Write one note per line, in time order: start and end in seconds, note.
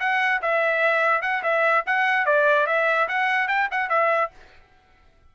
0.00 0.41 F#5
0.42 1.22 E5
1.22 1.43 F#5
1.43 1.84 E5
1.86 2.26 F#5
2.26 2.67 D5
2.67 3.08 E5
3.08 3.48 F#5
3.48 3.69 G5
3.71 3.90 F#5
3.90 4.31 E5